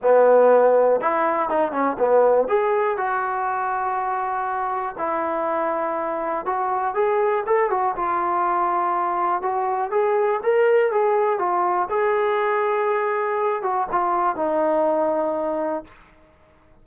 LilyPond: \new Staff \with { instrumentName = "trombone" } { \time 4/4 \tempo 4 = 121 b2 e'4 dis'8 cis'8 | b4 gis'4 fis'2~ | fis'2 e'2~ | e'4 fis'4 gis'4 a'8 fis'8 |
f'2. fis'4 | gis'4 ais'4 gis'4 f'4 | gis'2.~ gis'8 fis'8 | f'4 dis'2. | }